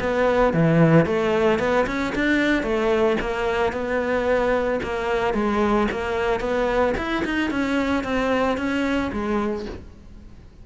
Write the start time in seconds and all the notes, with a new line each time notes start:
0.00 B3
0.53 E3
1.05 A3
1.59 B3
1.87 C#4
2.15 D4
2.63 A3
3.20 A#3
3.73 B3
4.83 A#3
5.34 G#3
5.91 A#3
6.40 B3
6.97 E4
7.25 D#4
7.50 C#4
8.04 C4
8.57 C#4
9.12 G#3